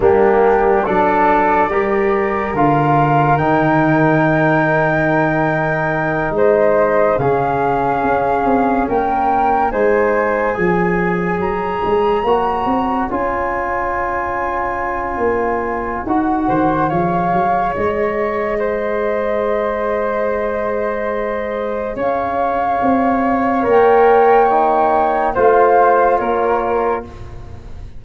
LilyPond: <<
  \new Staff \with { instrumentName = "flute" } { \time 4/4 \tempo 4 = 71 g'4 d''2 f''4 | g''2.~ g''8 dis''8~ | dis''8 f''2 g''4 gis''8~ | gis''4. ais''2 gis''8~ |
gis''2. fis''4 | f''4 dis''2.~ | dis''2 f''2 | g''2 f''4 cis''4 | }
  \new Staff \with { instrumentName = "flute" } { \time 4/4 d'4 a'4 ais'2~ | ais'2.~ ais'8 c''8~ | c''8 gis'2 ais'4 c''8~ | c''8 cis''2.~ cis''8~ |
cis''2.~ cis''8 c''8 | cis''2 c''2~ | c''2 cis''2~ | cis''2 c''4 ais'4 | }
  \new Staff \with { instrumentName = "trombone" } { \time 4/4 ais4 d'4 g'4 f'4 | dis'1~ | dis'8 cis'2. dis'8~ | dis'8 gis'2 fis'4 f'8~ |
f'2. fis'4 | gis'1~ | gis'1 | ais'4 dis'4 f'2 | }
  \new Staff \with { instrumentName = "tuba" } { \time 4/4 g4 fis4 g4 d4 | dis2.~ dis8 gis8~ | gis8 cis4 cis'8 c'8 ais4 gis8~ | gis8 f4 fis8 gis8 ais8 c'8 cis'8~ |
cis'2 ais4 dis'8 dis8 | f8 fis8 gis2.~ | gis2 cis'4 c'4 | ais2 a4 ais4 | }
>>